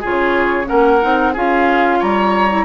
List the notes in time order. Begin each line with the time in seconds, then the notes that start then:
0.00 C#3 F4 G#4 C#5
0.65 A#3 C#4 A#4 F#5
1.01 C4 D#4
1.33 C#4 F4 G#4 F5
1.99 G3 C#5 A#5
2.50 E4